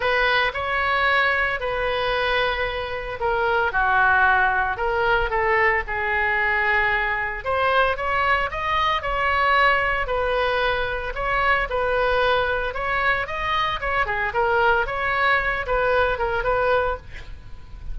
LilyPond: \new Staff \with { instrumentName = "oboe" } { \time 4/4 \tempo 4 = 113 b'4 cis''2 b'4~ | b'2 ais'4 fis'4~ | fis'4 ais'4 a'4 gis'4~ | gis'2 c''4 cis''4 |
dis''4 cis''2 b'4~ | b'4 cis''4 b'2 | cis''4 dis''4 cis''8 gis'8 ais'4 | cis''4. b'4 ais'8 b'4 | }